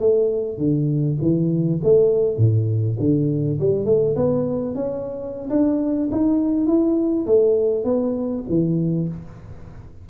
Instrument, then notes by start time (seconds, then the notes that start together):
tuba
0.00 A3
0.58 D3
1.21 E3
1.84 A3
2.38 A2
2.99 D3
3.60 G3
3.86 A3
4.16 B3
4.75 C#4
5.50 D4
6.12 D#4
6.67 E4
7.26 A3
7.84 B3
8.49 E3